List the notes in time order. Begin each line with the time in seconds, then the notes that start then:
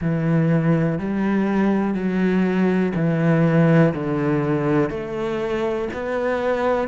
0.01 E3
0.98 G3
1.94 F#3
2.95 E3
3.93 D3
4.90 A3
5.93 B3